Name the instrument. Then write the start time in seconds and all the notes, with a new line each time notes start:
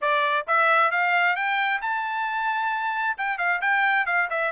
trumpet
0.01 D5
0.47 E5
0.91 F5
1.35 G5
1.81 A5
3.17 G5
3.38 F5
3.61 G5
4.06 F5
4.29 E5